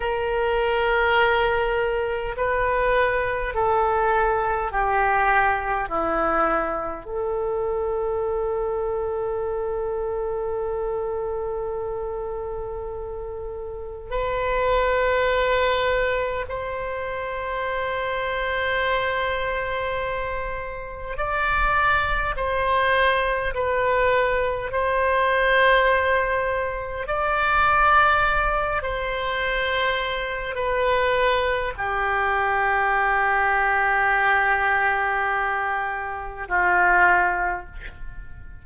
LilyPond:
\new Staff \with { instrumentName = "oboe" } { \time 4/4 \tempo 4 = 51 ais'2 b'4 a'4 | g'4 e'4 a'2~ | a'1 | b'2 c''2~ |
c''2 d''4 c''4 | b'4 c''2 d''4~ | d''8 c''4. b'4 g'4~ | g'2. f'4 | }